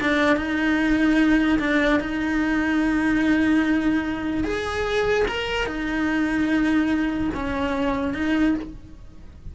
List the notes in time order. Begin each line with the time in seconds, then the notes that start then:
0.00 D4
0.36 D#4
1.59 D4
1.99 D#4
4.44 G#4
5.28 A#4
5.66 D#4
7.34 C#4
8.14 D#4